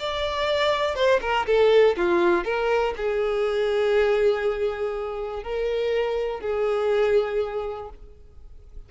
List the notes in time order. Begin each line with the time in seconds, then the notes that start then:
0.00 D5
0.96 C5
1.22 A#4
1.47 A4
1.97 F4
2.45 A#4
2.97 G#4
5.44 A#4
6.41 G#4